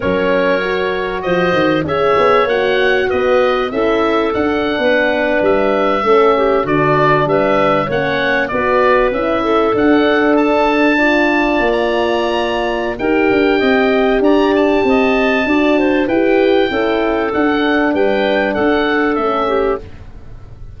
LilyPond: <<
  \new Staff \with { instrumentName = "oboe" } { \time 4/4 \tempo 4 = 97 cis''2 dis''4 e''4 | fis''4 dis''4 e''4 fis''4~ | fis''8. e''2 d''4 e''16~ | e''8. fis''4 d''4 e''4 fis''16~ |
fis''8. a''2~ a''16 ais''4~ | ais''4 g''2 ais''8 a''8~ | a''2 g''2 | fis''4 g''4 fis''4 e''4 | }
  \new Staff \with { instrumentName = "clarinet" } { \time 4/4 ais'2 c''4 cis''4~ | cis''4 b'4 a'4.~ a'16 b'16~ | b'4.~ b'16 a'8 g'8 fis'4 b'16~ | b'8. cis''4 b'4. a'8.~ |
a'4.~ a'16 d''2~ d''16~ | d''4 ais'4 dis''4 d''4 | dis''4 d''8 c''8 b'4 a'4~ | a'4 b'4 a'4. g'8 | }
  \new Staff \with { instrumentName = "horn" } { \time 4/4 cis'4 fis'2 gis'4 | fis'2 e'4 d'4~ | d'4.~ d'16 cis'4 d'4~ d'16~ | d'8. cis'4 fis'4 e'4 d'16~ |
d'4.~ d'16 f'2~ f'16~ | f'4 g'2.~ | g'4 fis'4 g'4 e'4 | d'2. cis'4 | }
  \new Staff \with { instrumentName = "tuba" } { \time 4/4 fis2 f8 dis8 cis'8 b8 | ais4 b4 cis'4 d'8. b16~ | b8. g4 a4 d4 g16~ | g8. ais4 b4 cis'4 d'16~ |
d'2~ d'8. ais4~ ais16~ | ais4 dis'8 d'8 c'4 d'4 | c'4 d'4 e'4 cis'4 | d'4 g4 d'4 a4 | }
>>